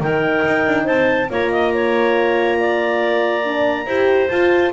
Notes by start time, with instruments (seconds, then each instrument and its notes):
0.00 double bass D#3, horn D#4, clarinet A#4 G5
0.46 double bass D#4
0.67 double bass D4
0.84 double bass C4, clarinet C5 A5
1.30 double bass A#3, horn F4, clarinet C#5 A#5
1.52 clarinet D#5
1.74 clarinet C#5
2.60 clarinet D5
3.44 horn D4
3.86 double bass E4, horn G4, clarinet C5
4.29 horn F4, double bass F4, clarinet A5